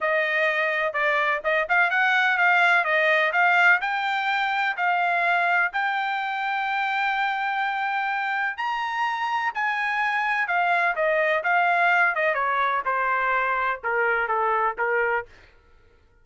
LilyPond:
\new Staff \with { instrumentName = "trumpet" } { \time 4/4 \tempo 4 = 126 dis''2 d''4 dis''8 f''8 | fis''4 f''4 dis''4 f''4 | g''2 f''2 | g''1~ |
g''2 ais''2 | gis''2 f''4 dis''4 | f''4. dis''8 cis''4 c''4~ | c''4 ais'4 a'4 ais'4 | }